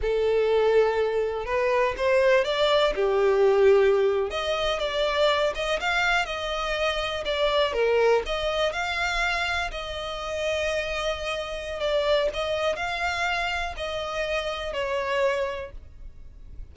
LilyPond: \new Staff \with { instrumentName = "violin" } { \time 4/4 \tempo 4 = 122 a'2. b'4 | c''4 d''4 g'2~ | g'8. dis''4 d''4. dis''8 f''16~ | f''8. dis''2 d''4 ais'16~ |
ais'8. dis''4 f''2 dis''16~ | dis''1 | d''4 dis''4 f''2 | dis''2 cis''2 | }